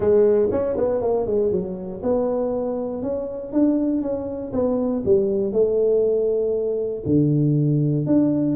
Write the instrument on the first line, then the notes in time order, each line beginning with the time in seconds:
tuba
0.00 G#3
0.51 C#4
0.77 B3
1.01 A#3
1.26 G#3
1.51 F#3
2.02 B3
3.02 C#4
3.52 D4
4.02 C#4
4.52 B3
5.05 G3
5.52 A3
7.05 D3
8.06 D4